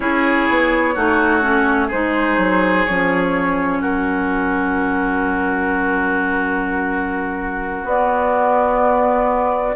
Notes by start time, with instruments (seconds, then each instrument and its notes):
0.00 bassoon C#4, clarinet E4, oboe G#4, flute C#5
0.48 bassoon B3
0.94 bassoon A3, clarinet D#4, oboe F#4
1.41 clarinet C#4
1.87 bassoon G#3, clarinet D#4, oboe G#4, flute C5
2.37 bassoon F#3
2.85 bassoon F3, clarinet C#4, flute C#5
3.81 bassoon F#3, oboe F#4, flute A#4
7.84 bassoon B3, clarinet B3, flute D5